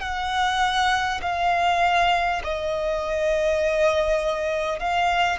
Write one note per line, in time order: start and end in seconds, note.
0.00 1.20 F#5
1.21 2.41 F5
2.44 4.79 D#5
4.79 5.39 F5